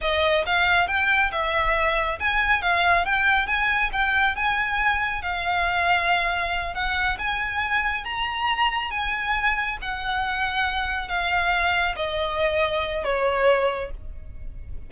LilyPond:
\new Staff \with { instrumentName = "violin" } { \time 4/4 \tempo 4 = 138 dis''4 f''4 g''4 e''4~ | e''4 gis''4 f''4 g''4 | gis''4 g''4 gis''2 | f''2.~ f''8 fis''8~ |
fis''8 gis''2 ais''4.~ | ais''8 gis''2 fis''4.~ | fis''4. f''2 dis''8~ | dis''2 cis''2 | }